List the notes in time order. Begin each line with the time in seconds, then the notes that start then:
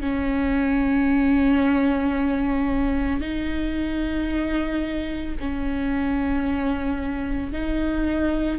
0.00 C#4
3.20 D#4
5.40 C#4
7.52 D#4